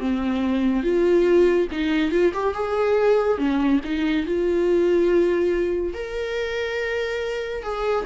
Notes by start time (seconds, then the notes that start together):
0.00 C4
0.83 F4
1.72 D#4
2.12 F4
2.34 G4
2.54 G#4
3.38 C#4
3.84 D#4
4.26 F4
5.94 A#4
7.63 G#4